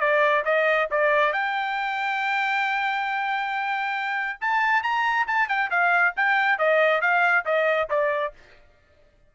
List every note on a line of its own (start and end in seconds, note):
0.00 0.44 D5
0.45 0.89 D#5
0.90 1.33 D5
1.33 4.39 G5
4.41 4.83 A5
4.83 5.26 A#5
5.27 5.48 A5
5.48 5.70 G5
5.70 6.14 F5
6.16 6.58 G5
6.58 7.01 D#5
7.01 7.45 F5
7.45 7.89 D#5
7.90 8.34 D5